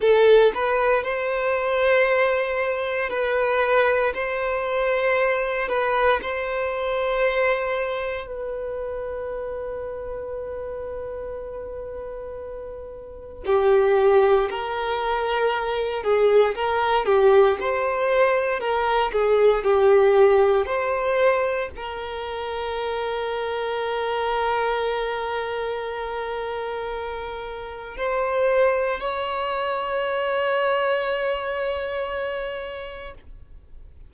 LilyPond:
\new Staff \with { instrumentName = "violin" } { \time 4/4 \tempo 4 = 58 a'8 b'8 c''2 b'4 | c''4. b'8 c''2 | b'1~ | b'4 g'4 ais'4. gis'8 |
ais'8 g'8 c''4 ais'8 gis'8 g'4 | c''4 ais'2.~ | ais'2. c''4 | cis''1 | }